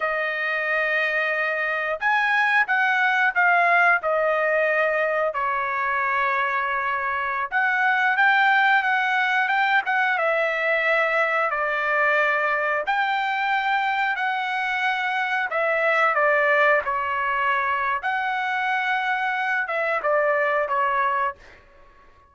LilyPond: \new Staff \with { instrumentName = "trumpet" } { \time 4/4 \tempo 4 = 90 dis''2. gis''4 | fis''4 f''4 dis''2 | cis''2.~ cis''16 fis''8.~ | fis''16 g''4 fis''4 g''8 fis''8 e''8.~ |
e''4~ e''16 d''2 g''8.~ | g''4~ g''16 fis''2 e''8.~ | e''16 d''4 cis''4.~ cis''16 fis''4~ | fis''4. e''8 d''4 cis''4 | }